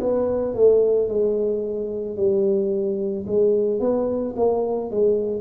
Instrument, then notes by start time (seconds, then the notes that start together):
tuba
0.00 B3
0.55 A3
1.09 G#3
2.16 G3
3.27 G#3
3.80 B3
4.36 A#3
4.91 G#3